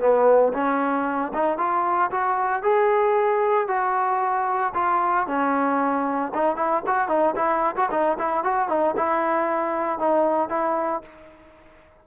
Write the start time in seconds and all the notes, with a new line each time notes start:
0.00 B3
0.53 C#4
1.34 D#4
1.58 F4
2.11 F#4
2.62 G#4
3.68 F#4
4.74 F4
5.27 C#4
6.34 D#4
6.56 E4
6.87 F#4
7.08 D#4
7.36 E4
7.76 F#4
7.91 D#4
8.19 E4
8.44 F#4
8.69 D#4
8.97 E4
9.99 D#4
10.49 E4